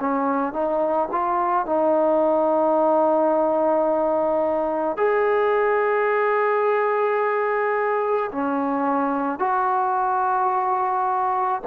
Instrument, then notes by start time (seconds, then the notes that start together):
trombone
0.00 C#4
0.54 D#4
1.12 F4
1.66 D#4
4.97 G#4
8.32 C#4
9.39 F#4